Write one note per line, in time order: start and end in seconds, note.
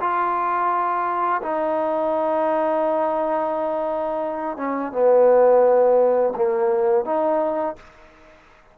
0.00 1.41 F4
1.42 4.57 D#4
4.57 4.92 C#4
4.92 6.33 B3
6.36 7.05 A#3
7.05 7.76 D#4